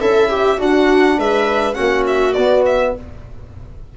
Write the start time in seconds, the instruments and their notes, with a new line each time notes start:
0.00 tuba C#4, trombone E4, viola A4, violin E5
0.29 viola G4
0.58 trombone D4, tuba D4, viola F#4, violin F#5
1.17 tuba G#3, viola B4, violin E5
1.74 tuba A#3, trombone C#4, viola F#4, violin F#5
2.07 violin E5
2.33 tuba B3, trombone B3, violin D5
2.65 violin E5